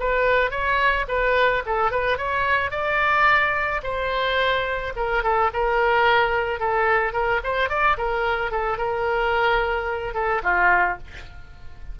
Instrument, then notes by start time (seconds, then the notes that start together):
oboe
0.00 B4
0.51 C#5
1.08 B4
1.66 A4
1.91 B4
2.18 C#5
2.71 D5
3.83 C5
4.96 A#4
5.23 A4
5.53 A#4
6.60 A4
7.13 A#4
7.44 C5
7.70 D5
7.98 A#4
8.52 A4
8.78 A#4
10.14 A4
10.43 F4